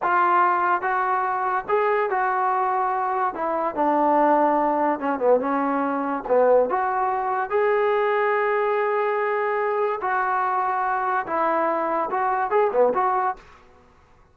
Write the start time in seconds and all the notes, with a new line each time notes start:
0.02 F4
0.81 F#4
1.68 G#4
2.09 F#4
3.34 E4
3.75 D4
4.99 C#4
5.19 B3
5.39 C#4
6.28 B3
6.69 F#4
7.50 G#4
10.01 F#4
11.26 E4
12.10 F#4
12.50 G#4
12.72 B3
12.94 F#4